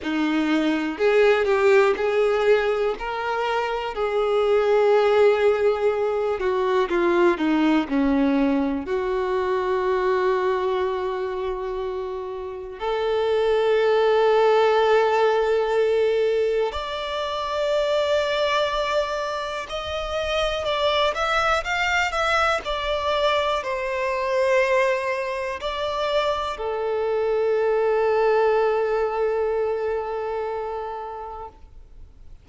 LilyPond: \new Staff \with { instrumentName = "violin" } { \time 4/4 \tempo 4 = 61 dis'4 gis'8 g'8 gis'4 ais'4 | gis'2~ gis'8 fis'8 f'8 dis'8 | cis'4 fis'2.~ | fis'4 a'2.~ |
a'4 d''2. | dis''4 d''8 e''8 f''8 e''8 d''4 | c''2 d''4 a'4~ | a'1 | }